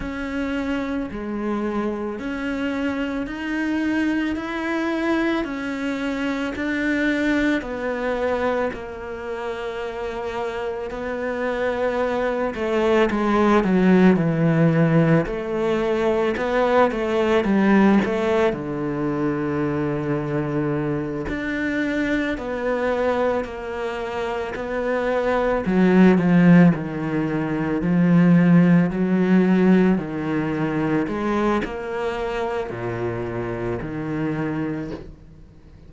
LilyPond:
\new Staff \with { instrumentName = "cello" } { \time 4/4 \tempo 4 = 55 cis'4 gis4 cis'4 dis'4 | e'4 cis'4 d'4 b4 | ais2 b4. a8 | gis8 fis8 e4 a4 b8 a8 |
g8 a8 d2~ d8 d'8~ | d'8 b4 ais4 b4 fis8 | f8 dis4 f4 fis4 dis8~ | dis8 gis8 ais4 ais,4 dis4 | }